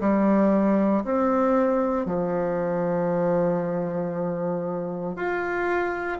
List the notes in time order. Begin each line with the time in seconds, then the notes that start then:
0.00 G3
1.04 C4
2.05 F3
5.16 F4